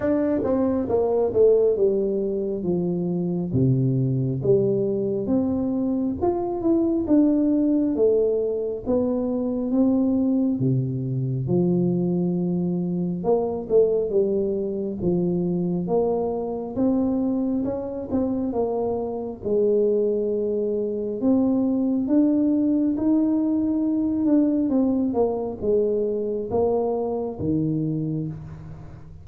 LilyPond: \new Staff \with { instrumentName = "tuba" } { \time 4/4 \tempo 4 = 68 d'8 c'8 ais8 a8 g4 f4 | c4 g4 c'4 f'8 e'8 | d'4 a4 b4 c'4 | c4 f2 ais8 a8 |
g4 f4 ais4 c'4 | cis'8 c'8 ais4 gis2 | c'4 d'4 dis'4. d'8 | c'8 ais8 gis4 ais4 dis4 | }